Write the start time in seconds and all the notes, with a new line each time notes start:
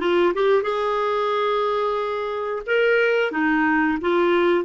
0.00 F4
0.35 G4
0.63 G#4
2.66 A#4
3.32 D#4
4.01 F4